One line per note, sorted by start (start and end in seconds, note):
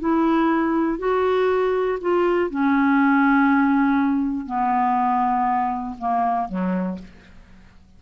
0.00 0.99 E4
0.99 1.99 F#4
2.01 2.50 F4
2.50 4.46 C#4
4.46 5.96 B3
5.99 6.49 A#3
6.49 6.99 F#3